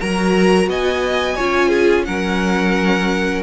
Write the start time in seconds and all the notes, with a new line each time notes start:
0.00 F#3 F#4 A#4 A#5
0.67 B3 D#5 G#5
1.36 C#4 F4 C#5
1.69 G#4
2.05 F#3 C#4 A#4 F#5